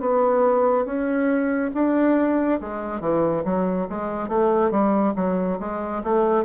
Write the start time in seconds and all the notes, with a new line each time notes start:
0.00 B3
0.85 C#4
1.74 D4
2.61 G#3
3.00 E3
3.44 F#3
3.89 G#3
4.28 A3
4.71 G3
5.15 F#3
5.59 G#3
6.04 A3